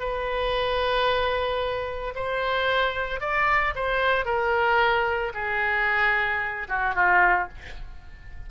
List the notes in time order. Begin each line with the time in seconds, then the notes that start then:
0.00 B4
2.16 C5
3.21 D5
3.76 C5
4.26 A#4
5.34 G#4
6.69 F#4
6.95 F4